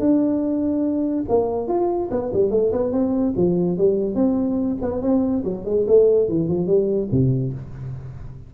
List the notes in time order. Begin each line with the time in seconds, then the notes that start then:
0.00 D4
1.29 A#3
1.68 F4
2.11 B3
2.34 G3
2.51 A3
2.72 B3
2.92 C4
3.37 F3
3.78 G3
4.15 C4
4.82 B3
5.02 C4
5.44 F#3
5.65 G#3
5.87 A3
6.29 E3
6.49 F3
6.67 G3
7.12 C3